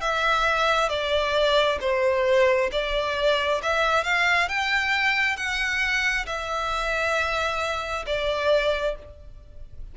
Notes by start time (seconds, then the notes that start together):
0.00 E5
0.88 D5
1.80 C5
2.72 D5
3.62 E5
4.04 F5
4.48 G5
5.36 F#5
6.26 E5
8.06 D5